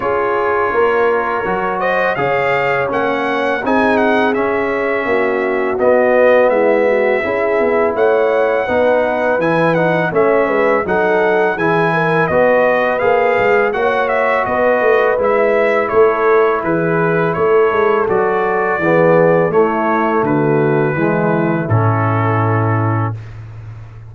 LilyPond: <<
  \new Staff \with { instrumentName = "trumpet" } { \time 4/4 \tempo 4 = 83 cis''2~ cis''8 dis''8 f''4 | fis''4 gis''8 fis''8 e''2 | dis''4 e''2 fis''4~ | fis''4 gis''8 fis''8 e''4 fis''4 |
gis''4 dis''4 f''4 fis''8 e''8 | dis''4 e''4 cis''4 b'4 | cis''4 d''2 cis''4 | b'2 a'2 | }
  \new Staff \with { instrumentName = "horn" } { \time 4/4 gis'4 ais'4. c''8 cis''4~ | cis''4 gis'2 fis'4~ | fis'4 e'8 fis'8 gis'4 cis''4 | b'2 cis''8 b'8 a'4 |
gis'8 ais'8 b'2 cis''4 | b'2 a'4 gis'4 | a'2 gis'4 e'4 | fis'4 e'2. | }
  \new Staff \with { instrumentName = "trombone" } { \time 4/4 f'2 fis'4 gis'4 | cis'4 dis'4 cis'2 | b2 e'2 | dis'4 e'8 dis'8 cis'4 dis'4 |
e'4 fis'4 gis'4 fis'4~ | fis'4 e'2.~ | e'4 fis'4 b4 a4~ | a4 gis4 cis'2 | }
  \new Staff \with { instrumentName = "tuba" } { \time 4/4 cis'4 ais4 fis4 cis4 | ais4 c'4 cis'4 ais4 | b4 gis4 cis'8 b8 a4 | b4 e4 a8 gis8 fis4 |
e4 b4 ais8 gis8 ais4 | b8 a8 gis4 a4 e4 | a8 gis8 fis4 e4 a4 | d4 e4 a,2 | }
>>